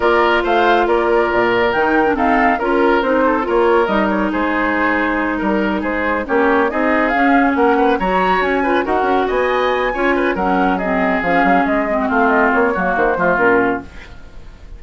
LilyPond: <<
  \new Staff \with { instrumentName = "flute" } { \time 4/4 \tempo 4 = 139 d''4 f''4 d''2 | g''4 f''4 ais'4 c''4 | cis''4 dis''8 cis''8 c''2~ | c''8 ais'4 c''4 cis''4 dis''8~ |
dis''8 f''4 fis''4 ais''4 gis''8~ | gis''8 fis''4 gis''2~ gis''8 | fis''4 dis''4 f''4 dis''4 | f''8 dis''8 cis''4 c''4 ais'4 | }
  \new Staff \with { instrumentName = "oboe" } { \time 4/4 ais'4 c''4 ais'2~ | ais'4 a'4 ais'4. a'8 | ais'2 gis'2~ | gis'8 ais'4 gis'4 g'4 gis'8~ |
gis'4. ais'8 b'8 cis''4. | b'8 ais'4 dis''4. cis''8 b'8 | ais'4 gis'2~ gis'8. fis'16 | f'4. fis'4 f'4. | }
  \new Staff \with { instrumentName = "clarinet" } { \time 4/4 f'1 | dis'8. d'16 c'4 f'4 dis'4 | f'4 dis'2.~ | dis'2~ dis'8 cis'4 dis'8~ |
dis'8 cis'2 fis'4. | f'8 fis'2~ fis'8 f'4 | cis'4 c'4 cis'4. c'8~ | c'4. ais4 a8 cis'4 | }
  \new Staff \with { instrumentName = "bassoon" } { \time 4/4 ais4 a4 ais4 ais,4 | dis4 dis'4 cis'4 c'4 | ais4 g4 gis2~ | gis8 g4 gis4 ais4 c'8~ |
c'8 cis'4 ais4 fis4 cis'8~ | cis'8 dis'8 cis'8 b4. cis'4 | fis2 f8 fis8 gis4 | a4 ais8 fis8 dis8 f8 ais,4 | }
>>